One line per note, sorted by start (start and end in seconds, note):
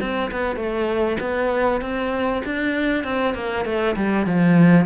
0.00 0.31 C4
0.31 0.56 B3
0.56 1.17 A3
1.20 1.81 B3
1.81 2.42 C4
2.45 3.04 D4
3.04 3.34 C4
3.34 3.65 A#3
3.65 3.95 A3
3.95 4.26 G3
4.26 4.86 F3